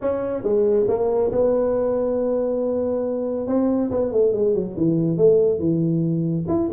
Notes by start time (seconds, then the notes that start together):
0.01 C#4
0.43 G#3
0.88 A#3
1.31 B3
3.47 C4
3.90 B3
4.12 A3
4.32 G#3
4.54 F#3
4.76 E3
5.17 A3
5.59 E3
6.47 E4